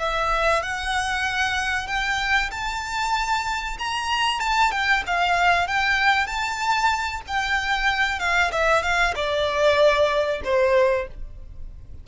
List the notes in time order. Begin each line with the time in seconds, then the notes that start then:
0.00 E5
0.63 F#5
1.87 G5
2.51 A5
3.79 A#5
4.40 A5
4.72 G5
5.07 F5
5.68 G5
6.27 A5
7.28 G5
8.20 F5
8.52 E5
8.83 F5
9.16 D5
10.45 C5